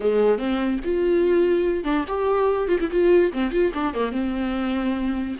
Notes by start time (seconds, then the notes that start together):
0.00 G#3
0.38 C4
0.84 F4
1.84 D4
2.08 G4
2.68 F4
2.80 E4
2.91 F4
3.32 C4
3.51 F4
3.74 D4
3.94 A#3
4.12 C4